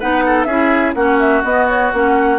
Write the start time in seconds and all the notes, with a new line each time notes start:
0.00 B3 D#4 B4 F#5
0.26 A4
0.44 C#4 E4 G#4 E5
0.95 A#3 C#4 F#4 F#5
1.20 E5
1.44 B3 D#5
1.69 C#5
1.93 A#3 C#4 F#5